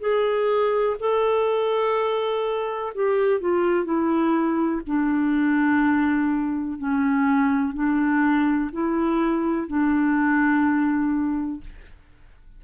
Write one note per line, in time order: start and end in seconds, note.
0.00 0.97 G#4
0.99 2.93 A4
2.94 3.40 G4
3.40 3.84 F4
3.84 4.81 E4
4.87 6.78 D4
6.78 7.74 C#4
7.74 8.71 D4
8.72 9.67 E4
9.67 11.61 D4